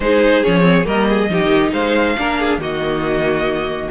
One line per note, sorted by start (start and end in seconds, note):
0.00 0.42 G#3
0.00 0.44 D#4
0.00 0.86 G#4
0.00 0.43 C5
0.43 0.85 F3
0.43 0.61 C#4
0.43 0.86 C#5
0.61 0.83 C4
0.84 1.29 G3
0.84 1.27 A#3
0.84 1.08 A#4
0.84 1.72 D#5
1.09 1.31 G#4
1.29 1.39 F3
1.29 2.16 D#4
1.29 1.72 G4
1.41 1.73 D#3
1.72 2.16 G#3
1.72 2.16 C5
1.72 2.59 F5
2.16 2.58 A#3
2.16 2.60 D4
2.16 2.39 A#4
2.39 2.61 G#4
2.58 3.88 D#3
2.58 3.90 A#3
2.58 3.90 F#4
2.58 3.90 D#5